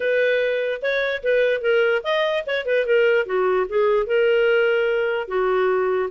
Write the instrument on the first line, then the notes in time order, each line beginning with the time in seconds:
clarinet
0.00 B4
0.82 C#5
1.23 B4
1.61 A#4
2.03 D#5
2.46 C#5
2.65 B4
2.86 A#4
3.26 F#4
3.68 G#4
4.06 A#4
5.28 F#4